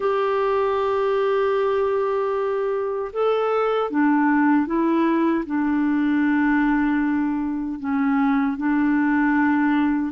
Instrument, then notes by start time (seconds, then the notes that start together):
clarinet
0.00 G4
3.12 A4
3.90 D4
4.66 E4
5.45 D4
7.79 C#4
8.57 D4